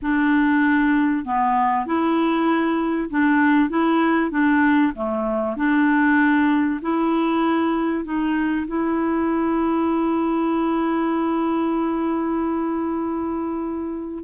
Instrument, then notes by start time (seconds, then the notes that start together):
clarinet
0.01 D4
1.25 B3
1.86 E4
3.10 D4
3.69 E4
4.30 D4
4.95 A3
5.56 D4
6.81 E4
8.04 D#4
8.67 E4